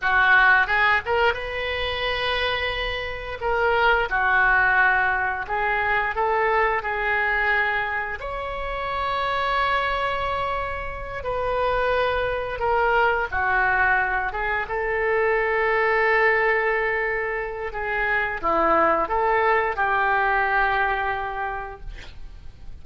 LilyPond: \new Staff \with { instrumentName = "oboe" } { \time 4/4 \tempo 4 = 88 fis'4 gis'8 ais'8 b'2~ | b'4 ais'4 fis'2 | gis'4 a'4 gis'2 | cis''1~ |
cis''8 b'2 ais'4 fis'8~ | fis'4 gis'8 a'2~ a'8~ | a'2 gis'4 e'4 | a'4 g'2. | }